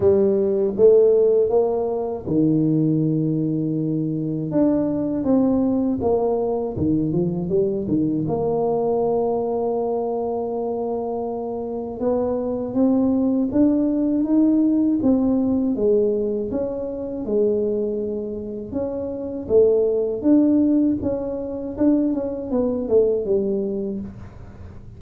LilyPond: \new Staff \with { instrumentName = "tuba" } { \time 4/4 \tempo 4 = 80 g4 a4 ais4 dis4~ | dis2 d'4 c'4 | ais4 dis8 f8 g8 dis8 ais4~ | ais1 |
b4 c'4 d'4 dis'4 | c'4 gis4 cis'4 gis4~ | gis4 cis'4 a4 d'4 | cis'4 d'8 cis'8 b8 a8 g4 | }